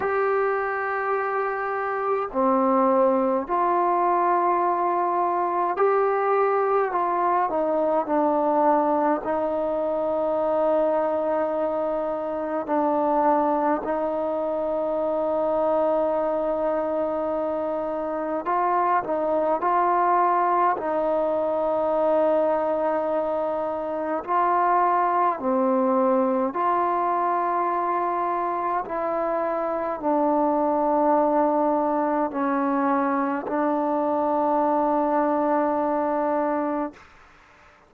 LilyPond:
\new Staff \with { instrumentName = "trombone" } { \time 4/4 \tempo 4 = 52 g'2 c'4 f'4~ | f'4 g'4 f'8 dis'8 d'4 | dis'2. d'4 | dis'1 |
f'8 dis'8 f'4 dis'2~ | dis'4 f'4 c'4 f'4~ | f'4 e'4 d'2 | cis'4 d'2. | }